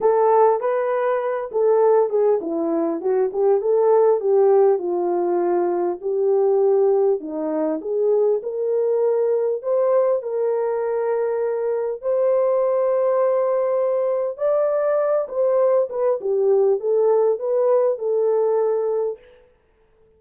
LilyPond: \new Staff \with { instrumentName = "horn" } { \time 4/4 \tempo 4 = 100 a'4 b'4. a'4 gis'8 | e'4 fis'8 g'8 a'4 g'4 | f'2 g'2 | dis'4 gis'4 ais'2 |
c''4 ais'2. | c''1 | d''4. c''4 b'8 g'4 | a'4 b'4 a'2 | }